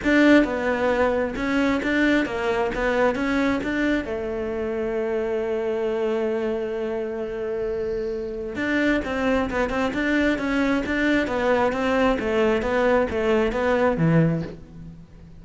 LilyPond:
\new Staff \with { instrumentName = "cello" } { \time 4/4 \tempo 4 = 133 d'4 b2 cis'4 | d'4 ais4 b4 cis'4 | d'4 a2.~ | a1~ |
a2. d'4 | c'4 b8 c'8 d'4 cis'4 | d'4 b4 c'4 a4 | b4 a4 b4 e4 | }